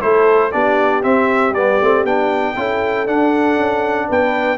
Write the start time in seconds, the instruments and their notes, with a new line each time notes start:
0.00 tuba A3, trombone E4, horn A4, trumpet C5
0.52 tuba B3, trombone D4, horn G4, trumpet D5
1.03 trombone C4, tuba C4, trumpet E5
1.50 tuba G3, trombone B3, trumpet D5
1.81 tuba A3, trombone C4
2.04 tuba B3, trombone D4, trumpet G5
2.55 tuba C#4, trombone E4, horn A4
3.06 trombone D4, tuba D4, trumpet F#5
3.57 tuba C#4
4.08 tuba B3, horn B4, trumpet G5